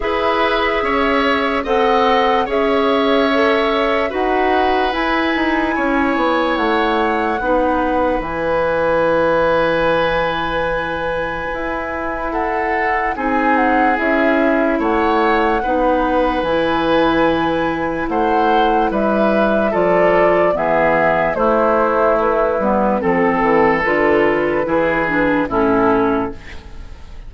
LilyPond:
<<
  \new Staff \with { instrumentName = "flute" } { \time 4/4 \tempo 4 = 73 e''2 fis''4 e''4~ | e''4 fis''4 gis''2 | fis''2 gis''2~ | gis''2. fis''4 |
gis''8 fis''8 e''4 fis''2 | gis''2 fis''4 e''4 | d''4 e''4 c''4 b'4 | a'4 b'2 a'4 | }
  \new Staff \with { instrumentName = "oboe" } { \time 4/4 b'4 cis''4 dis''4 cis''4~ | cis''4 b'2 cis''4~ | cis''4 b'2.~ | b'2. a'4 |
gis'2 cis''4 b'4~ | b'2 c''4 b'4 | a'4 gis'4 e'2 | a'2 gis'4 e'4 | }
  \new Staff \with { instrumentName = "clarinet" } { \time 4/4 gis'2 a'4 gis'4 | a'4 fis'4 e'2~ | e'4 dis'4 e'2~ | e'1 |
dis'4 e'2 dis'4 | e'1 | f'4 b4 a4. b8 | c'4 f'4 e'8 d'8 cis'4 | }
  \new Staff \with { instrumentName = "bassoon" } { \time 4/4 e'4 cis'4 c'4 cis'4~ | cis'4 dis'4 e'8 dis'8 cis'8 b8 | a4 b4 e2~ | e2 e'2 |
c'4 cis'4 a4 b4 | e2 a4 g4 | f4 e4 a4. g8 | f8 e8 d4 e4 a,4 | }
>>